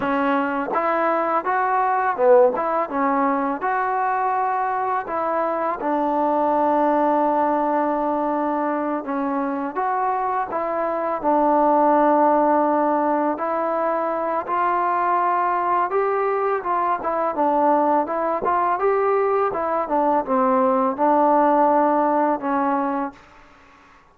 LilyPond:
\new Staff \with { instrumentName = "trombone" } { \time 4/4 \tempo 4 = 83 cis'4 e'4 fis'4 b8 e'8 | cis'4 fis'2 e'4 | d'1~ | d'8 cis'4 fis'4 e'4 d'8~ |
d'2~ d'8 e'4. | f'2 g'4 f'8 e'8 | d'4 e'8 f'8 g'4 e'8 d'8 | c'4 d'2 cis'4 | }